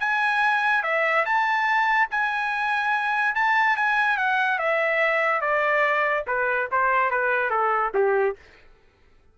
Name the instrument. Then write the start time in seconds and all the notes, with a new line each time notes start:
trumpet
0.00 G#5
0.84 E5
1.26 A5
2.11 G#5
3.35 A5
3.77 G#5
4.18 F#5
4.59 E5
5.41 D5
6.27 B4
6.72 C5
7.11 B4
7.51 A4
7.95 G4